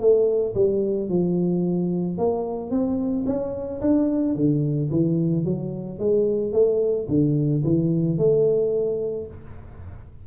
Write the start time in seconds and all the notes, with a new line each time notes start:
0.00 A3
0.55 G3
1.10 F3
2.18 A#3
2.71 C4
3.27 C#4
3.82 D4
4.36 D3
4.91 E3
5.45 F#3
5.99 G#3
6.53 A3
7.09 D3
7.64 E3
8.18 A3